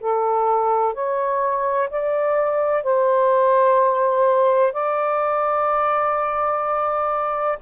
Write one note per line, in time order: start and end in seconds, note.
0.00 0.94 A4
0.94 1.89 C#5
1.90 2.83 D5
2.83 4.73 C5
4.73 7.58 D5